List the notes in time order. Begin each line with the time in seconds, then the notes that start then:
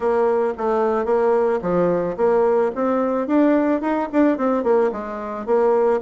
0.00 A#3
0.57 A3
1.05 A#3
1.62 F3
2.16 A#3
2.75 C4
3.27 D4
3.81 D#4
4.12 D4
4.37 C4
4.63 A#3
4.92 G#3
5.45 A#3